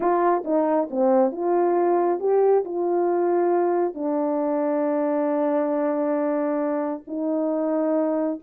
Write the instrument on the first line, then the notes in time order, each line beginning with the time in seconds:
horn
0.00 F4
0.44 D#4
0.90 C4
1.31 F4
2.19 G4
2.65 F4
3.94 D4
7.07 D#4